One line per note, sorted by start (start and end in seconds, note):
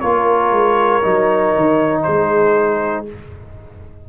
0.00 0.51 A#3
0.00 1.03 F4
0.00 2.04 A#4
0.00 2.03 C#5
0.51 1.02 G#3
1.03 1.55 F#3
1.03 3.06 D#4
1.56 2.06 D#3
2.03 3.09 G#3
2.03 3.06 G#4
2.03 3.04 C5